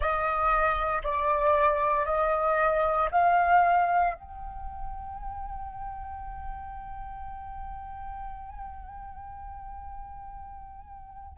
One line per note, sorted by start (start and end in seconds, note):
0.00 1.02 D#5
1.03 2.05 D5
2.05 3.09 D#5
3.11 4.14 F5
4.14 11.37 G5